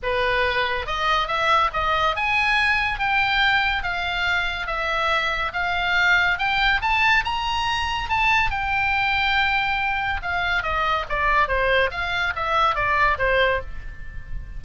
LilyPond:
\new Staff \with { instrumentName = "oboe" } { \time 4/4 \tempo 4 = 141 b'2 dis''4 e''4 | dis''4 gis''2 g''4~ | g''4 f''2 e''4~ | e''4 f''2 g''4 |
a''4 ais''2 a''4 | g''1 | f''4 dis''4 d''4 c''4 | f''4 e''4 d''4 c''4 | }